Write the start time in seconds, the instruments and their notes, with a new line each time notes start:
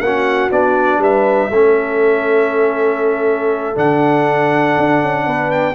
0.00 tuba A#3, horn F#4, trumpet F#5
0.06 trombone C#4
0.52 tuba B3, trombone D4, trumpet D5
0.99 tuba G3, horn B4, trumpet E5
1.51 tuba A3, trombone C#4, horn A4
3.75 tuba D3, trombone D4, trumpet F#5
4.78 tuba D4
5.02 tuba C#4
5.27 tuba B3, horn B4
5.51 trumpet G5